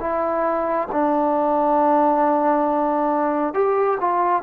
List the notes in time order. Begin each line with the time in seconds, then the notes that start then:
0.00 E4
0.91 D4
3.54 G4
4.00 F4